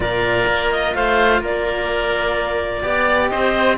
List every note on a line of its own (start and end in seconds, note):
0.00 0.46 A#2
0.00 2.82 F4
0.00 0.95 A#4
0.00 0.71 D5
0.47 0.94 A#3
0.71 0.95 D#5
0.94 1.40 A3
0.94 1.41 C5
0.94 1.42 F5
1.40 2.82 A#3
1.40 2.83 A#4
1.40 3.29 D5
2.82 3.30 B3
2.82 3.77 G4
2.82 3.30 D5
3.29 3.77 C4
3.29 3.77 C5
3.29 3.76 D#5